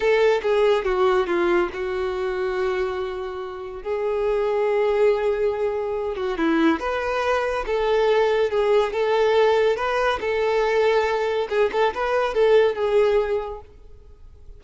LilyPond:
\new Staff \with { instrumentName = "violin" } { \time 4/4 \tempo 4 = 141 a'4 gis'4 fis'4 f'4 | fis'1~ | fis'4 gis'2.~ | gis'2~ gis'8 fis'8 e'4 |
b'2 a'2 | gis'4 a'2 b'4 | a'2. gis'8 a'8 | b'4 a'4 gis'2 | }